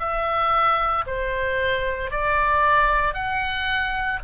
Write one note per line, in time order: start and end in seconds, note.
0.00 1.05 E5
1.07 2.11 C5
2.11 3.14 D5
3.14 4.20 F#5